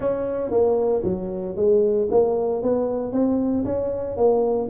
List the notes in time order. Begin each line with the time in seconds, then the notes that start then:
0.00 C#4
0.50 A#3
1.03 F#3
1.56 G#3
2.10 A#3
2.62 B3
3.12 C4
3.65 C#4
4.16 A#3